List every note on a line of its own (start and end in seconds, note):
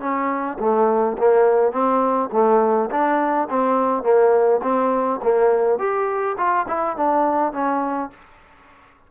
0.00 0.58 C#4
0.59 1.17 A3
1.17 1.72 A#3
1.72 2.29 C4
2.32 2.90 A3
2.91 3.48 D4
3.50 4.03 C4
4.03 4.61 A#3
4.63 5.20 C4
5.23 5.78 A#3
5.78 6.36 G4
6.37 6.66 F4
6.68 6.97 E4
6.97 7.53 D4
7.53 8.10 C#4